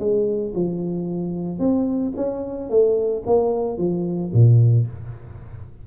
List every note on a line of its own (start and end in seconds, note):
0.00 0.54 G#3
0.55 1.59 F3
1.59 2.13 C4
2.16 2.70 C#4
2.70 3.24 A3
3.27 3.78 A#3
3.78 4.32 F3
4.34 4.87 A#2